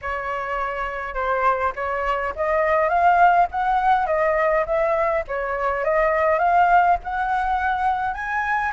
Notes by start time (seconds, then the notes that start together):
0.01 C#5
1.14 C5
1.75 C#5
2.35 D#5
2.89 F5
3.51 F#5
4.06 D#5
4.65 E5
5.27 C#5
5.84 D#5
6.38 F5
7.03 F#5
8.13 G#5